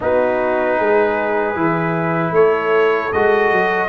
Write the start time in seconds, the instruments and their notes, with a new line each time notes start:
0.00 tuba B3, trombone D#4, horn F#4, trumpet B4
0.76 tuba G#3, horn G#4
1.55 tuba E3, trombone E4
2.31 tuba A3, horn A4, trumpet C#5
3.12 tuba G#3, trombone F#4, trumpet D#5
3.52 tuba F#3